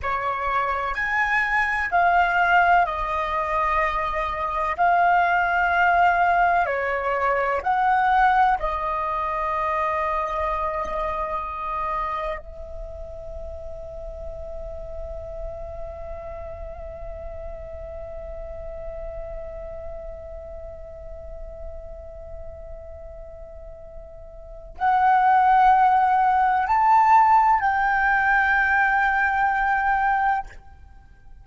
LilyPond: \new Staff \with { instrumentName = "flute" } { \time 4/4 \tempo 4 = 63 cis''4 gis''4 f''4 dis''4~ | dis''4 f''2 cis''4 | fis''4 dis''2.~ | dis''4 e''2.~ |
e''1~ | e''1~ | e''2 fis''2 | a''4 g''2. | }